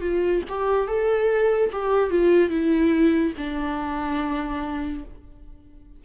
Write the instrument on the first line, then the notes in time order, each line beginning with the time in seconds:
viola
0.00 F4
0.48 G4
0.87 A4
1.72 G4
2.10 F4
2.50 E4
3.37 D4